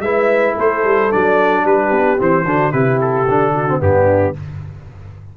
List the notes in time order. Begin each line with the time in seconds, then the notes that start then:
0.00 G#3 E4 B4 E5
0.54 A3 A4 C5
0.84 G3
1.11 F#3 D4 D5
1.64 G3 G4 B4
1.91 B3
2.18 E3 C4 C5
2.45 D3 D4 F#4
2.72 C3 E4 G4 B4
3.01 A4
3.28 D3 D4
3.55 F#4
3.68 C4
3.79 G2 B3 D4 G4